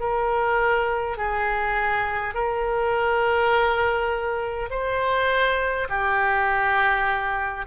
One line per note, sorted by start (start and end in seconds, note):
0.00 1.18 A#4
1.18 2.35 G#4
2.35 4.70 A#4
4.71 5.88 C5
5.89 7.66 G4